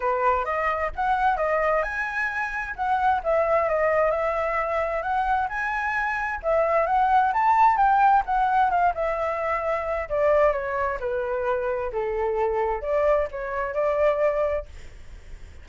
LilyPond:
\new Staff \with { instrumentName = "flute" } { \time 4/4 \tempo 4 = 131 b'4 dis''4 fis''4 dis''4 | gis''2 fis''4 e''4 | dis''4 e''2 fis''4 | gis''2 e''4 fis''4 |
a''4 g''4 fis''4 f''8 e''8~ | e''2 d''4 cis''4 | b'2 a'2 | d''4 cis''4 d''2 | }